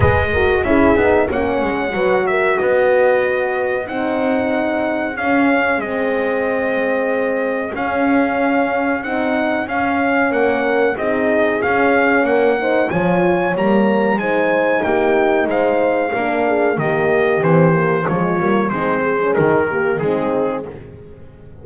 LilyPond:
<<
  \new Staff \with { instrumentName = "trumpet" } { \time 4/4 \tempo 4 = 93 dis''4 e''4 fis''4. e''8 | dis''2 fis''2 | f''4 dis''2. | f''2 fis''4 f''4 |
fis''4 dis''4 f''4 fis''4 | gis''4 ais''4 gis''4 g''4 | f''2 dis''4 c''4 | cis''4 c''4 ais'4 gis'4 | }
  \new Staff \with { instrumentName = "horn" } { \time 4/4 b'8 ais'8 gis'4 cis''4 b'8 ais'8 | b'2 gis'2~ | gis'1~ | gis'1 |
ais'4 gis'2 ais'8 c''8 | cis''2 c''4 g'4 | c''4 ais'8 gis'8 g'2 | f'4 dis'8 gis'4 g'8 dis'4 | }
  \new Staff \with { instrumentName = "horn" } { \time 4/4 gis'8 fis'8 e'8 dis'8 cis'4 fis'4~ | fis'2 dis'2 | cis'4 c'2. | cis'2 dis'4 cis'4~ |
cis'4 dis'4 cis'4. dis'8 | f'4 ais4 dis'2~ | dis'4 d'4 ais4 c'8 ais8 | gis8 ais8 c'8. cis'16 dis'8 ais8 c'4 | }
  \new Staff \with { instrumentName = "double bass" } { \time 4/4 gis4 cis'8 b8 ais8 gis8 fis4 | b2 c'2 | cis'4 gis2. | cis'2 c'4 cis'4 |
ais4 c'4 cis'4 ais4 | f4 g4 gis4 ais4 | gis4 ais4 dis4 e4 | f8 g8 gis4 dis4 gis4 | }
>>